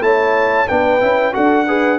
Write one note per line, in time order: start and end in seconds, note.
0.00 0.66 A3
0.00 0.67 E4
0.00 0.68 C#5
0.00 0.68 A5
0.68 1.02 B3
0.68 1.00 D4
0.68 1.33 B4
0.68 1.34 G5
1.00 1.35 C#4
1.00 1.33 E4
1.33 1.99 D4
1.33 1.66 F#4
1.33 1.66 A4
1.33 1.99 F#5
1.67 1.99 G#4
1.67 1.99 B4